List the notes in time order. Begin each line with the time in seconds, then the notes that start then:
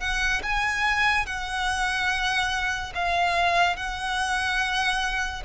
0.00 F#5
0.43 G#5
1.26 F#5
2.95 F5
3.77 F#5